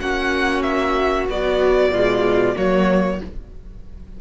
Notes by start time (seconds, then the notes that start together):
0.00 A#3 C#4 F#4 F#5
0.62 E5
1.28 F#3 B3 D5
1.90 B2 G#3 F4
2.56 F#3 A#3 F#4 C#5